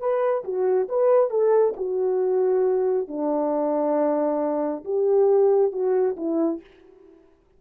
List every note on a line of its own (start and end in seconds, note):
0.00 0.44 B4
0.45 0.89 F#4
0.89 1.30 B4
1.30 1.74 A4
1.77 3.08 F#4
3.08 4.84 D4
4.85 5.72 G4
5.72 6.16 F#4
6.17 6.61 E4